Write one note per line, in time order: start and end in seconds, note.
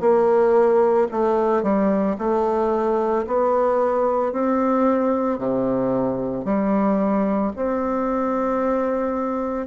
0.00 1.07 A#3
1.11 1.62 A3
1.62 2.16 G3
2.18 3.25 A3
3.26 4.32 B3
4.32 5.38 C4
5.38 6.44 C3
6.44 7.51 G3
7.56 9.67 C4